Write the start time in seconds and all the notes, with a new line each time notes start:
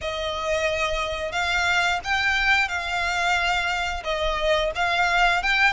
0.01 D#5
1.31 F5
2.04 G5
2.68 F5
4.04 D#5
4.75 F5
5.43 G5